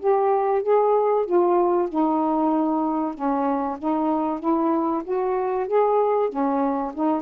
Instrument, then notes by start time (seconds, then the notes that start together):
saxophone
0.00 G4
0.63 G#4
1.26 F4
1.89 D#4
3.15 C#4
3.78 D#4
4.40 E4
5.04 F#4
5.68 G#4
6.30 C#4
6.94 D#4